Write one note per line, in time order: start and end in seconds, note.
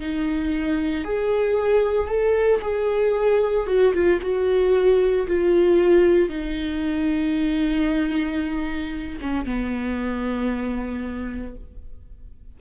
0.00 1.04 D#4
1.04 2.08 G#4
2.08 2.61 A4
2.62 3.67 G#4
3.67 3.93 F#4
3.94 4.20 F4
4.22 5.27 F#4
5.27 6.29 F4
6.29 9.19 D#4
9.22 9.45 C#4
9.45 11.56 B3